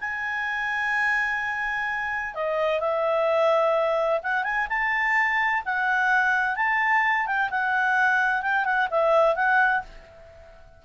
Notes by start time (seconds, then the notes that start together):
0.00 G#5
2.34 D#5
2.80 E5
4.23 F#5
4.44 G#5
4.69 A5
5.65 F#5
6.56 A5
7.26 G5
7.50 F#5
8.42 G5
8.64 F#5
8.90 E5
9.35 F#5